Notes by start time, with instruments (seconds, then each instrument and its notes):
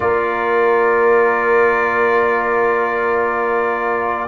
0.00 tuba A#3, trombone F4, horn A#4, trumpet D5